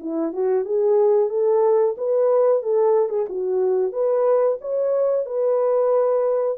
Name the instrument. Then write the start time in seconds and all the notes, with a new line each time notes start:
horn
0.00 E4
0.33 F#4
0.65 G#4
1.29 A4
1.98 B4
2.63 A4
3.09 G#4
3.29 F#4
3.92 B4
4.61 C#5
5.26 B4